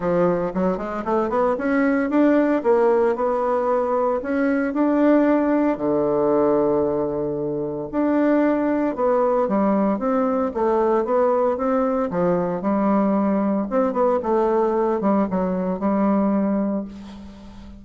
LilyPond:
\new Staff \with { instrumentName = "bassoon" } { \time 4/4 \tempo 4 = 114 f4 fis8 gis8 a8 b8 cis'4 | d'4 ais4 b2 | cis'4 d'2 d4~ | d2. d'4~ |
d'4 b4 g4 c'4 | a4 b4 c'4 f4 | g2 c'8 b8 a4~ | a8 g8 fis4 g2 | }